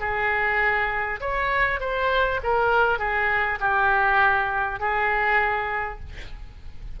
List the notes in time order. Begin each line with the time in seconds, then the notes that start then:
0.00 G#4
1.20 C#5
1.80 C5
2.43 A#4
2.98 G#4
3.60 G4
4.79 G#4